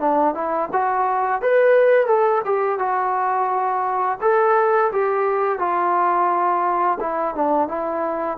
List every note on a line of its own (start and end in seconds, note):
0.00 0.35 D4
0.35 0.70 E4
0.73 1.42 F#4
1.42 2.07 B4
2.07 2.42 A4
2.45 2.79 G4
2.79 4.19 F#4
4.21 4.91 A4
4.92 5.59 G4
5.59 6.99 F4
7.00 7.35 E4
7.35 7.68 D4
7.68 8.38 E4